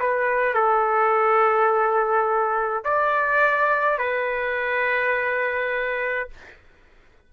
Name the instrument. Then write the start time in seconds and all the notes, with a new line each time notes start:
trumpet
0.00 B4
0.54 A4
2.84 D5
3.98 B4